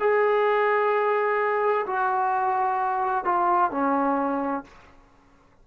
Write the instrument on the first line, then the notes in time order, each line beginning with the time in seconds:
trombone
0.00 G#4
1.87 F#4
3.25 F4
3.71 C#4